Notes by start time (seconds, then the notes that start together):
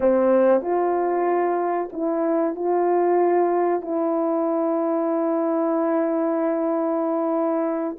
0.00 C4
0.61 F4
1.92 E4
2.55 F4
3.81 E4